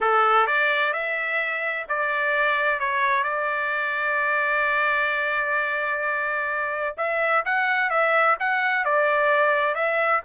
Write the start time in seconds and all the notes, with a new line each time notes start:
0.00 A4
0.46 D5
0.93 E5
1.88 D5
2.79 C#5
3.23 D5
6.97 E5
7.45 F#5
7.90 E5
8.39 F#5
8.84 D5
9.74 E5